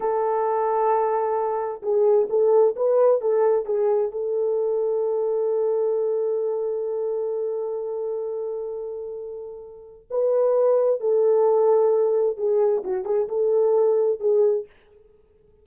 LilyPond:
\new Staff \with { instrumentName = "horn" } { \time 4/4 \tempo 4 = 131 a'1 | gis'4 a'4 b'4 a'4 | gis'4 a'2.~ | a'1~ |
a'1~ | a'2 b'2 | a'2. gis'4 | fis'8 gis'8 a'2 gis'4 | }